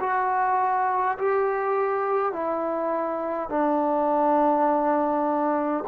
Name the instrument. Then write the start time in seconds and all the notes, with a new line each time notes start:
trombone
0.00 F#4
1.19 G4
2.33 E4
3.49 D4